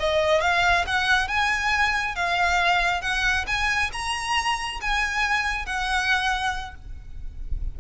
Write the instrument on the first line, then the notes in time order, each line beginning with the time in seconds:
violin
0.00 D#5
0.41 F5
0.87 F#5
1.28 G#5
2.16 F5
3.02 F#5
3.47 G#5
3.93 A#5
4.81 G#5
5.66 F#5